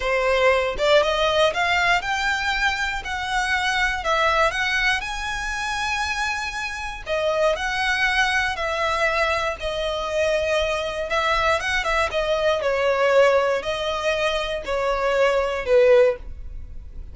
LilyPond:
\new Staff \with { instrumentName = "violin" } { \time 4/4 \tempo 4 = 119 c''4. d''8 dis''4 f''4 | g''2 fis''2 | e''4 fis''4 gis''2~ | gis''2 dis''4 fis''4~ |
fis''4 e''2 dis''4~ | dis''2 e''4 fis''8 e''8 | dis''4 cis''2 dis''4~ | dis''4 cis''2 b'4 | }